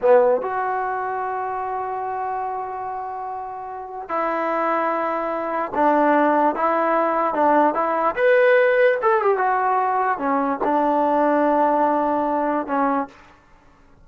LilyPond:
\new Staff \with { instrumentName = "trombone" } { \time 4/4 \tempo 4 = 147 b4 fis'2.~ | fis'1~ | fis'2 e'2~ | e'2 d'2 |
e'2 d'4 e'4 | b'2 a'8 g'8 fis'4~ | fis'4 cis'4 d'2~ | d'2. cis'4 | }